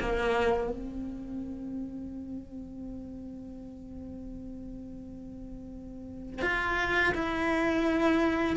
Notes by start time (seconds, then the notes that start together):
0.00 A#3
0.70 C4
6.42 F4
7.14 E4